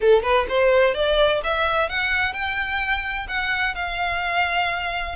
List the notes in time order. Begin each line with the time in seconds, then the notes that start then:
0.00 A4
0.23 B4
0.48 C5
0.94 D5
1.43 E5
1.89 F#5
2.33 G5
3.28 F#5
3.75 F5